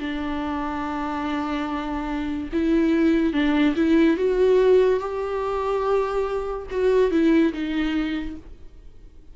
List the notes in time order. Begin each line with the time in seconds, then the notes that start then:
0.00 D4
2.53 E4
3.33 D4
3.76 E4
4.17 F#4
5.00 G4
6.71 F#4
7.11 E4
7.53 D#4